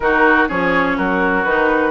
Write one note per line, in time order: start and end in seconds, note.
0.00 0.47 D#3
0.00 0.48 D#4
0.00 0.48 F#4
0.00 0.47 A#4
0.48 0.98 F3
0.48 1.45 C#4
0.48 0.96 G#4
0.48 0.97 C#5
0.97 1.44 F#3
0.97 1.90 F#4
0.97 1.44 A#4
1.44 1.90 D#3
1.44 1.90 D#4
1.44 1.90 B4